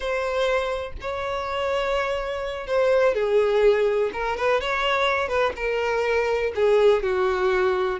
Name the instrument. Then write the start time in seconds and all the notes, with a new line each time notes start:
violin
0.00 C5
1.01 C#5
2.66 C5
3.14 G#4
4.12 A#4
4.36 B4
4.60 C#5
5.28 B4
5.55 A#4
6.55 G#4
7.02 F#4